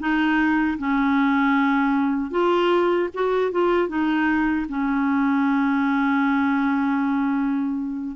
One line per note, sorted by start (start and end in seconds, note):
0.00 0.78 D#4
0.79 2.31 C#4
2.31 3.09 F4
3.14 3.52 F#4
3.52 3.89 F4
3.89 4.66 D#4
4.69 8.16 C#4